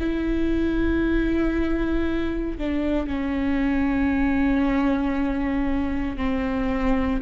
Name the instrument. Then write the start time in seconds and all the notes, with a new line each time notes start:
viola
0.00 E4
2.58 D4
3.07 C#4
6.17 C4